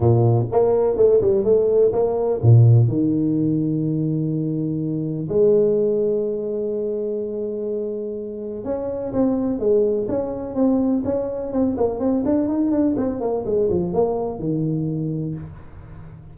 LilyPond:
\new Staff \with { instrumentName = "tuba" } { \time 4/4 \tempo 4 = 125 ais,4 ais4 a8 g8 a4 | ais4 ais,4 dis2~ | dis2. gis4~ | gis1~ |
gis2 cis'4 c'4 | gis4 cis'4 c'4 cis'4 | c'8 ais8 c'8 d'8 dis'8 d'8 c'8 ais8 | gis8 f8 ais4 dis2 | }